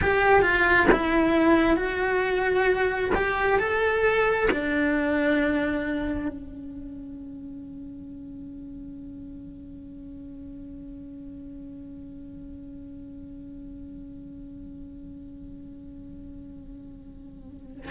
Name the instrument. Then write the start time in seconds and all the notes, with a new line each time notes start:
cello
0.01 G4
0.42 F4
0.91 E4
1.76 F#4
3.14 G4
3.59 A4
4.51 D4
6.28 C#4